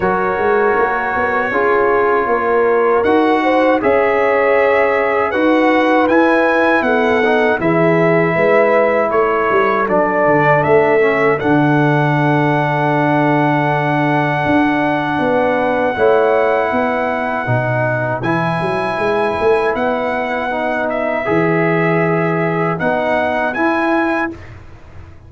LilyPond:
<<
  \new Staff \with { instrumentName = "trumpet" } { \time 4/4 \tempo 4 = 79 cis''1 | fis''4 e''2 fis''4 | gis''4 fis''4 e''2 | cis''4 d''4 e''4 fis''4~ |
fis''1~ | fis''1 | gis''2 fis''4. e''8~ | e''2 fis''4 gis''4 | }
  \new Staff \with { instrumentName = "horn" } { \time 4/4 ais'2 gis'4 ais'4~ | ais'8 c''8 cis''2 b'4~ | b'4 a'4 gis'4 b'4 | a'1~ |
a'1 | b'4 cis''4 b'2~ | b'1~ | b'1 | }
  \new Staff \with { instrumentName = "trombone" } { \time 4/4 fis'2 f'2 | fis'4 gis'2 fis'4 | e'4. dis'8 e'2~ | e'4 d'4. cis'8 d'4~ |
d'1~ | d'4 e'2 dis'4 | e'2. dis'4 | gis'2 dis'4 e'4 | }
  \new Staff \with { instrumentName = "tuba" } { \time 4/4 fis8 gis8 ais8 b8 cis'4 ais4 | dis'4 cis'2 dis'4 | e'4 b4 e4 gis4 | a8 g8 fis8 d8 a4 d4~ |
d2. d'4 | b4 a4 b4 b,4 | e8 fis8 gis8 a8 b2 | e2 b4 e'4 | }
>>